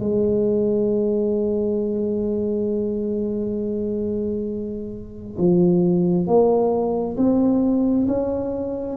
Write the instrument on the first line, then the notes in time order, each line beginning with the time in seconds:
tuba
0.00 G#3
5.39 F3
6.27 A#3
7.18 C4
8.08 C#4